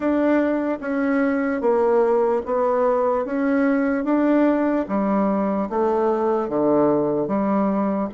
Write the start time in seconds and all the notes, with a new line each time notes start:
0.00 D4
0.81 C#4
1.61 A#3
2.45 B3
3.25 C#4
4.04 D4
4.88 G3
5.69 A3
6.49 D3
7.27 G3